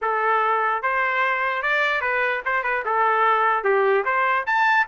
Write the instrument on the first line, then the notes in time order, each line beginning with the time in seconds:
trumpet
0.01 A4
0.82 C5
1.62 D5
2.01 B4
2.45 C5
2.63 B4
2.85 A4
3.63 G4
4.04 C5
4.46 A5